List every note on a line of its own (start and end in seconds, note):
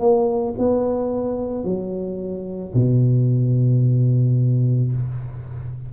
0.00 0.55 A#3
0.59 1.65 B3
1.65 2.74 F#3
2.74 4.92 B2